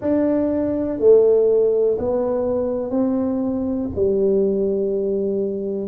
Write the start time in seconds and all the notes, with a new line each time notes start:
0.00 D4
0.99 A3
1.98 B3
2.90 C4
3.95 G3